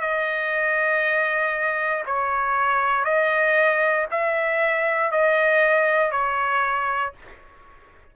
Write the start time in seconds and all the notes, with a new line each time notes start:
0.00 D#5
2.06 C#5
3.04 D#5
4.10 E5
5.11 D#5
6.11 C#5